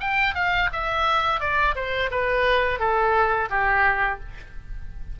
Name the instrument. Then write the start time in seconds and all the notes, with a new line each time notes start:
oboe
0.00 G5
0.35 F5
0.72 E5
1.40 D5
1.75 C5
2.11 B4
2.79 A4
3.49 G4